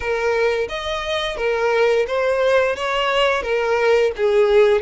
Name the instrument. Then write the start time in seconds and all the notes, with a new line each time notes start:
violin
0.00 A#4
0.69 D#5
1.36 A#4
2.07 C5
2.76 C#5
3.42 A#4
4.16 G#4